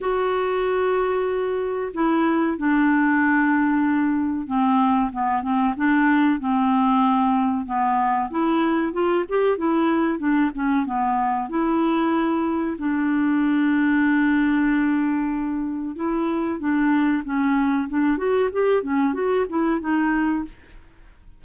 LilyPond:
\new Staff \with { instrumentName = "clarinet" } { \time 4/4 \tempo 4 = 94 fis'2. e'4 | d'2. c'4 | b8 c'8 d'4 c'2 | b4 e'4 f'8 g'8 e'4 |
d'8 cis'8 b4 e'2 | d'1~ | d'4 e'4 d'4 cis'4 | d'8 fis'8 g'8 cis'8 fis'8 e'8 dis'4 | }